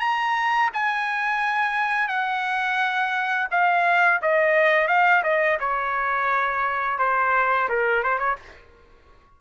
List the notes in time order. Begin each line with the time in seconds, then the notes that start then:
0.00 A#5
0.74 G#5
2.08 F#5
3.51 F5
4.22 D#5
4.88 F5
5.24 D#5
5.60 C#5
6.99 C5
7.69 A#4
8.04 C5
8.19 C#5